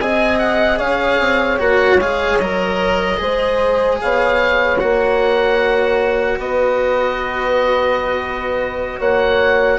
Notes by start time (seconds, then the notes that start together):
0.00 C4 G#4 D#5 G#5
0.39 F#5
0.79 C#4 C#5 F5
1.20 C4
1.59 A#3 F#4 F#5
1.96 G#3 G#4 F5
2.39 F#3 A#4 D#5
3.17 G#3 G#4 C5
4.01 B3 C#5 F5
4.79 A#3 F#4 F#5
6.39 B3 B4 D#5
8.99 A#3 C#5 F#5